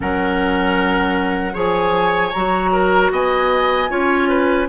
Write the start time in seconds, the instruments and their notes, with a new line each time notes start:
0.00 bassoon F#3, clarinet C#4, oboe A#4, flute F#5
1.53 bassoon F3, clarinet G#4, oboe C#5, flute G#5
2.32 bassoon F#3, clarinet F#4, flute A#5
2.72 oboe A#4
3.11 bassoon B3, oboe D#5, flute G#5
3.89 bassoon C#4, clarinet F4, oboe C#5
4.28 oboe B4